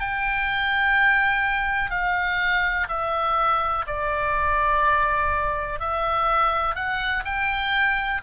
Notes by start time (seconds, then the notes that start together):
0.00 G5
1.90 F5
2.89 E5
3.87 D5
5.80 E5
6.75 F#5
7.25 G5